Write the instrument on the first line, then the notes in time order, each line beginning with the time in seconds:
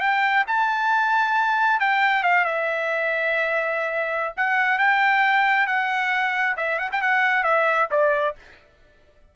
trumpet
0.00 G5
0.47 A5
1.80 G5
2.23 F5
2.45 E5
4.37 F#5
4.79 G5
5.67 F#5
6.57 E5
6.79 F#5
6.92 G5
7.02 F#5
7.44 E5
7.91 D5